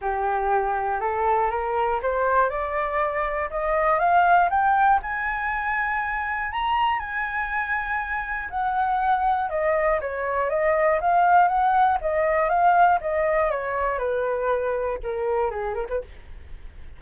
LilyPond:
\new Staff \with { instrumentName = "flute" } { \time 4/4 \tempo 4 = 120 g'2 a'4 ais'4 | c''4 d''2 dis''4 | f''4 g''4 gis''2~ | gis''4 ais''4 gis''2~ |
gis''4 fis''2 dis''4 | cis''4 dis''4 f''4 fis''4 | dis''4 f''4 dis''4 cis''4 | b'2 ais'4 gis'8 ais'16 b'16 | }